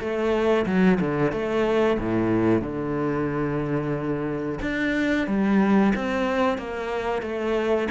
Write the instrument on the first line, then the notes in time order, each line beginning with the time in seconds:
cello
0.00 A3
0.66 F#3
1.01 D3
1.32 A3
2.00 A2
2.62 D3
4.62 D4
5.27 G3
5.96 C4
6.58 A#3
7.22 A3